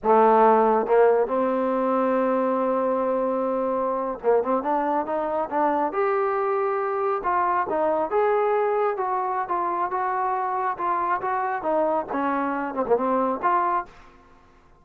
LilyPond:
\new Staff \with { instrumentName = "trombone" } { \time 4/4 \tempo 4 = 139 a2 ais4 c'4~ | c'1~ | c'4.~ c'16 ais8 c'8 d'4 dis'16~ | dis'8. d'4 g'2~ g'16~ |
g'8. f'4 dis'4 gis'4~ gis'16~ | gis'8. fis'4~ fis'16 f'4 fis'4~ | fis'4 f'4 fis'4 dis'4 | cis'4. c'16 ais16 c'4 f'4 | }